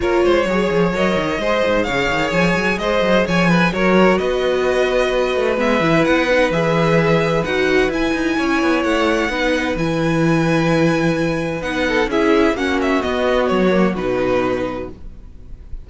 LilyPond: <<
  \new Staff \with { instrumentName = "violin" } { \time 4/4 \tempo 4 = 129 cis''2 dis''2 | f''4 gis''4 dis''4 gis''4 | cis''4 dis''2. | e''4 fis''4 e''2 |
fis''4 gis''2 fis''4~ | fis''4 gis''2.~ | gis''4 fis''4 e''4 fis''8 e''8 | dis''4 cis''4 b'2 | }
  \new Staff \with { instrumentName = "violin" } { \time 4/4 ais'8 c''8 cis''2 c''4 | cis''2 c''4 cis''8 b'8 | ais'4 b'2.~ | b'1~ |
b'2 cis''2 | b'1~ | b'4. a'8 gis'4 fis'4~ | fis'1 | }
  \new Staff \with { instrumentName = "viola" } { \time 4/4 f'4 gis'4 ais'4 gis'4~ | gis'1 | fis'1 | b8 e'4 dis'8 gis'2 |
fis'4 e'2. | dis'4 e'2.~ | e'4 dis'4 e'4 cis'4 | b4. ais8 dis'2 | }
  \new Staff \with { instrumentName = "cello" } { \time 4/4 ais8 gis8 fis8 f8 fis8 dis8 gis8 gis,8 | cis8 dis8 f8 fis8 gis8 fis8 f4 | fis4 b2~ b8 a8 | gis8 e8 b4 e2 |
dis'4 e'8 dis'8 cis'8 b8 a4 | b4 e2.~ | e4 b4 cis'4 ais4 | b4 fis4 b,2 | }
>>